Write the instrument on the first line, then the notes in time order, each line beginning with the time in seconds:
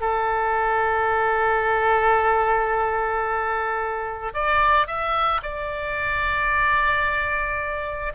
oboe
0.00 A4
4.34 D5
4.86 E5
5.42 D5